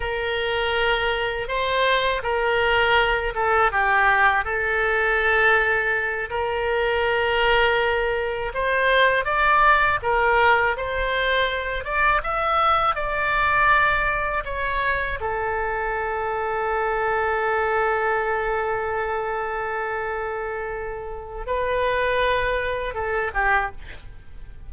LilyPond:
\new Staff \with { instrumentName = "oboe" } { \time 4/4 \tempo 4 = 81 ais'2 c''4 ais'4~ | ais'8 a'8 g'4 a'2~ | a'8 ais'2. c''8~ | c''8 d''4 ais'4 c''4. |
d''8 e''4 d''2 cis''8~ | cis''8 a'2.~ a'8~ | a'1~ | a'4 b'2 a'8 g'8 | }